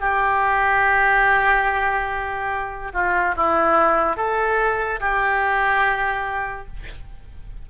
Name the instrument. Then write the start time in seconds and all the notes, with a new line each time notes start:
oboe
0.00 G4
2.93 F4
3.36 E4
4.16 A4
5.00 G4